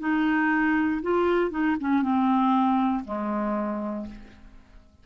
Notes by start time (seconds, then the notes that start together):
0.00 D#4
1.03 F4
1.51 D#4
1.81 C#4
2.02 C4
3.05 G#3